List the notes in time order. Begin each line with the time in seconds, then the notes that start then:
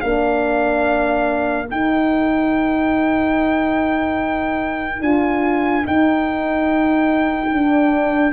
0.00 A#3 D4 A#4 F5
1.69 D#4 G5
5.01 D4 F4 G#5
5.82 D#4 G5
7.50 D4